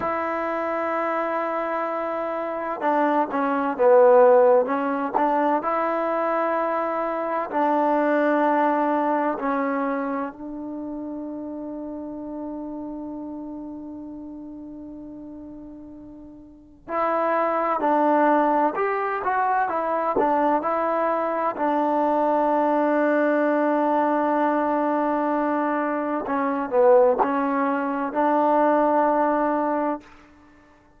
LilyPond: \new Staff \with { instrumentName = "trombone" } { \time 4/4 \tempo 4 = 64 e'2. d'8 cis'8 | b4 cis'8 d'8 e'2 | d'2 cis'4 d'4~ | d'1~ |
d'2 e'4 d'4 | g'8 fis'8 e'8 d'8 e'4 d'4~ | d'1 | cis'8 b8 cis'4 d'2 | }